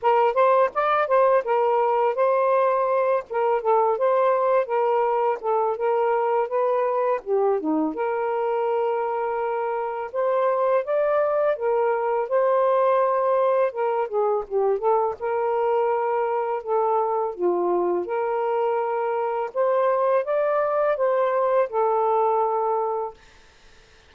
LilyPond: \new Staff \with { instrumentName = "saxophone" } { \time 4/4 \tempo 4 = 83 ais'8 c''8 d''8 c''8 ais'4 c''4~ | c''8 ais'8 a'8 c''4 ais'4 a'8 | ais'4 b'4 g'8 dis'8 ais'4~ | ais'2 c''4 d''4 |
ais'4 c''2 ais'8 gis'8 | g'8 a'8 ais'2 a'4 | f'4 ais'2 c''4 | d''4 c''4 a'2 | }